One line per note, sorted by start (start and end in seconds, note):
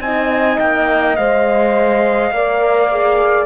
0.00 0.58 C4
0.00 1.18 D#4
0.00 2.34 D#5
0.00 0.59 G#5
0.59 1.18 A#3
0.59 1.16 G5
1.16 2.31 G#3
1.16 2.33 C5
1.16 3.46 F5
2.31 3.46 A#3
2.31 2.92 A#4
2.31 3.46 D5
2.92 3.46 G#4